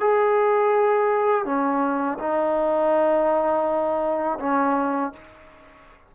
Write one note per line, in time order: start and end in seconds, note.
0.00 1.45 G#4
1.45 2.18 C#4
2.19 4.38 D#4
4.39 5.12 C#4